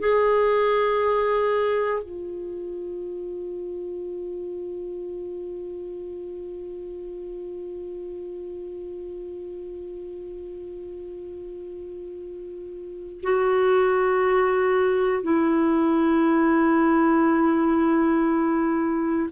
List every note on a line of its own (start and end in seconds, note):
0.00 2.03 G#4
2.03 13.22 F4
13.23 15.24 F#4
15.24 19.30 E4